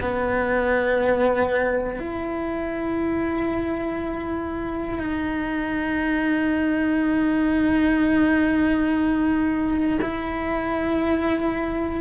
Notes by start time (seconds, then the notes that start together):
0.00 B3
1.99 E4
4.99 D#4
10.01 E4